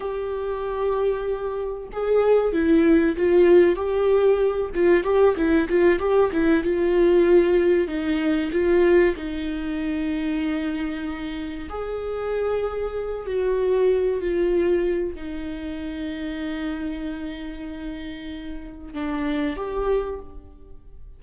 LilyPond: \new Staff \with { instrumentName = "viola" } { \time 4/4 \tempo 4 = 95 g'2. gis'4 | e'4 f'4 g'4. f'8 | g'8 e'8 f'8 g'8 e'8 f'4.~ | f'8 dis'4 f'4 dis'4.~ |
dis'2~ dis'8 gis'4.~ | gis'4 fis'4. f'4. | dis'1~ | dis'2 d'4 g'4 | }